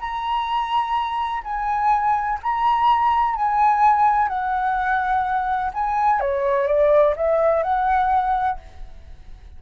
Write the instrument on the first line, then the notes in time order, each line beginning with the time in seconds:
flute
0.00 A#5
1.44 G#5
2.43 A#5
3.35 G#5
4.28 F#5
5.74 G#5
6.20 C#5
6.67 D5
7.16 E5
7.63 F#5